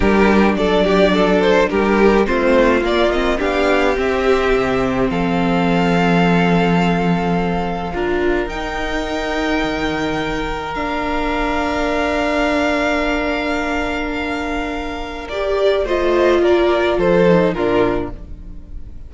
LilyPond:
<<
  \new Staff \with { instrumentName = "violin" } { \time 4/4 \tempo 4 = 106 ais'4 d''4. c''8 ais'4 | c''4 d''8 dis''8 f''4 e''4~ | e''4 f''2.~ | f''2. g''4~ |
g''2. f''4~ | f''1~ | f''2. d''4 | dis''4 d''4 c''4 ais'4 | }
  \new Staff \with { instrumentName = "violin" } { \time 4/4 g'4 a'8 g'8 a'4 g'4 | f'2 g'2~ | g'4 a'2.~ | a'2 ais'2~ |
ais'1~ | ais'1~ | ais'1 | c''4 ais'4 a'4 f'4 | }
  \new Staff \with { instrumentName = "viola" } { \time 4/4 d'1 | c'4 ais8 c'8 d'4 c'4~ | c'1~ | c'2 f'4 dis'4~ |
dis'2. d'4~ | d'1~ | d'2. g'4 | f'2~ f'8 dis'8 d'4 | }
  \new Staff \with { instrumentName = "cello" } { \time 4/4 g4 fis2 g4 | a4 ais4 b4 c'4 | c4 f2.~ | f2 d'4 dis'4~ |
dis'4 dis2 ais4~ | ais1~ | ais1 | a4 ais4 f4 ais,4 | }
>>